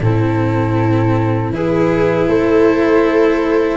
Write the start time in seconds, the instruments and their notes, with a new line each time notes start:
0.00 tuba A2, cello C4, viola E4, flute A4
1.50 tuba E3, cello E4, viola G#4, flute B4
2.27 tuba A3, viola A4, flute C5